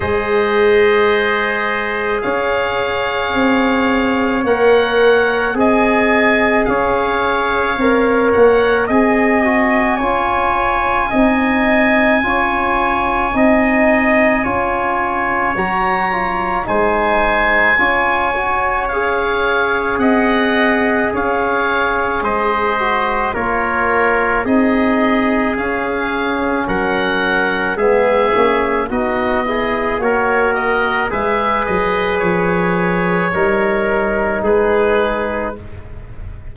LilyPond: <<
  \new Staff \with { instrumentName = "oboe" } { \time 4/4 \tempo 4 = 54 dis''2 f''2 | fis''4 gis''4 f''4. fis''8 | gis''1~ | gis''2 ais''4 gis''4~ |
gis''4 f''4 fis''4 f''4 | dis''4 cis''4 dis''4 f''4 | fis''4 e''4 dis''4 cis''8 dis''8 | e''8 dis''8 cis''2 b'4 | }
  \new Staff \with { instrumentName = "trumpet" } { \time 4/4 c''2 cis''2~ | cis''4 dis''4 cis''2 | dis''4 cis''4 dis''4 cis''4 | dis''4 cis''2 c''4 |
cis''2 dis''4 cis''4 | c''4 ais'4 gis'2 | ais'4 gis'4 fis'8 gis'8 ais'4 | b'2 ais'4 gis'4 | }
  \new Staff \with { instrumentName = "trombone" } { \time 4/4 gis'1 | ais'4 gis'2 ais'4 | gis'8 fis'8 f'4 dis'4 f'4 | dis'4 f'4 fis'8 f'8 dis'4 |
f'8 fis'8 gis'2.~ | gis'8 fis'8 f'4 dis'4 cis'4~ | cis'4 b8 cis'8 dis'8 e'8 fis'4 | gis'2 dis'2 | }
  \new Staff \with { instrumentName = "tuba" } { \time 4/4 gis2 cis'4 c'4 | ais4 c'4 cis'4 c'8 ais8 | c'4 cis'4 c'4 cis'4 | c'4 cis'4 fis4 gis4 |
cis'2 c'4 cis'4 | gis4 ais4 c'4 cis'4 | fis4 gis8 ais8 b4 ais4 | gis8 fis8 f4 g4 gis4 | }
>>